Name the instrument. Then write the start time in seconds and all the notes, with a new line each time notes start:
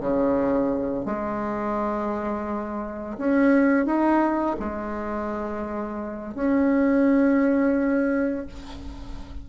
bassoon
0.00 C#3
1.05 G#3
3.18 C#4
3.85 D#4
4.59 G#3
6.34 C#4